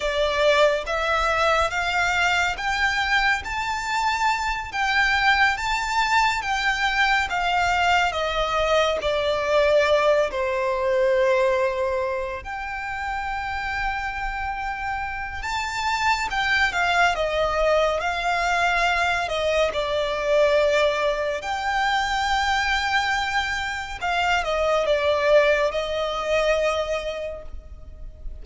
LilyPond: \new Staff \with { instrumentName = "violin" } { \time 4/4 \tempo 4 = 70 d''4 e''4 f''4 g''4 | a''4. g''4 a''4 g''8~ | g''8 f''4 dis''4 d''4. | c''2~ c''8 g''4.~ |
g''2 a''4 g''8 f''8 | dis''4 f''4. dis''8 d''4~ | d''4 g''2. | f''8 dis''8 d''4 dis''2 | }